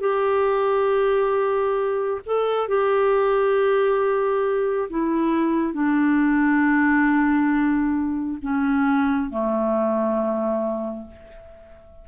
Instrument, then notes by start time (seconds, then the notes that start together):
clarinet
0.00 G4
2.26 A4
2.68 G4
4.90 E4
5.74 D4
8.42 C#4
9.30 A3